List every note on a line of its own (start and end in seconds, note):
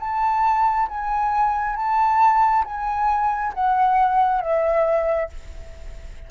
0.00 0.88 A5
0.89 1.76 G#5
1.76 2.64 A5
2.65 3.53 G#5
3.54 4.41 F#5
4.41 5.29 E5